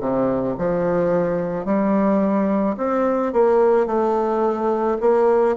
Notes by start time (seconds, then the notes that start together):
0.00 C3
0.58 F3
1.65 G3
2.77 C4
3.33 A#3
3.87 A3
5.01 A#3